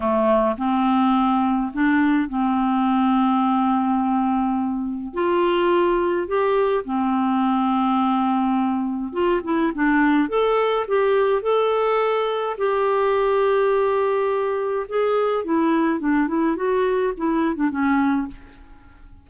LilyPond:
\new Staff \with { instrumentName = "clarinet" } { \time 4/4 \tempo 4 = 105 a4 c'2 d'4 | c'1~ | c'4 f'2 g'4 | c'1 |
f'8 e'8 d'4 a'4 g'4 | a'2 g'2~ | g'2 gis'4 e'4 | d'8 e'8 fis'4 e'8. d'16 cis'4 | }